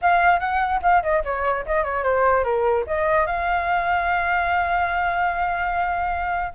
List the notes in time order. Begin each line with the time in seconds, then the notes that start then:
0.01 F5
0.39 F#5
0.82 F5
1.02 D#5
1.24 C#5
1.65 D#5
1.83 C#5
2.03 C5
2.43 A#4
2.86 D#5
3.26 F5